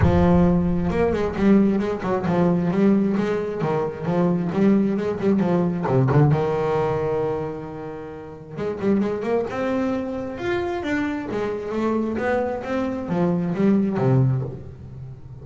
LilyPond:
\new Staff \with { instrumentName = "double bass" } { \time 4/4 \tempo 4 = 133 f2 ais8 gis8 g4 | gis8 fis8 f4 g4 gis4 | dis4 f4 g4 gis8 g8 | f4 c8 d8 dis2~ |
dis2. gis8 g8 | gis8 ais8 c'2 f'4 | d'4 gis4 a4 b4 | c'4 f4 g4 c4 | }